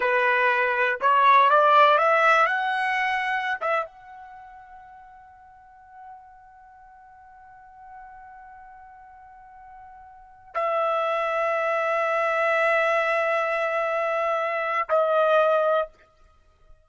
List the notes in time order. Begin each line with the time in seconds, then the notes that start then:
0.00 B4
1.01 C#5
1.49 D5
1.97 E5
2.46 F#5
3.60 E5
3.85 F#5
10.54 E5
14.89 D#5